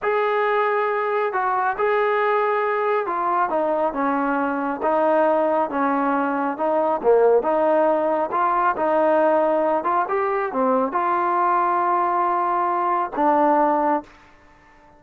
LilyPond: \new Staff \with { instrumentName = "trombone" } { \time 4/4 \tempo 4 = 137 gis'2. fis'4 | gis'2. f'4 | dis'4 cis'2 dis'4~ | dis'4 cis'2 dis'4 |
ais4 dis'2 f'4 | dis'2~ dis'8 f'8 g'4 | c'4 f'2.~ | f'2 d'2 | }